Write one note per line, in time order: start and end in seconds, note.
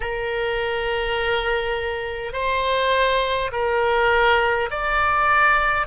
0.00 2.33 A#4
2.33 3.50 C5
3.51 4.69 A#4
4.70 5.87 D5